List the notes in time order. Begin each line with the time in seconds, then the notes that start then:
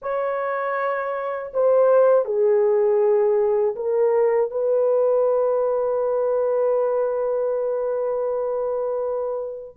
0.01 C#5
1.53 C5
2.25 G#4
3.75 A#4
4.50 B4